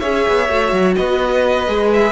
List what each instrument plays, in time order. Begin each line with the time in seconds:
0.00 cello C#4, viola G#4, violin C#5 E5
0.28 cello B3
0.49 cello A3, viola F#4
0.73 cello F#3
0.96 cello B3, violin B4 D#5
1.68 cello G#3, viola G#4
1.94 violin E5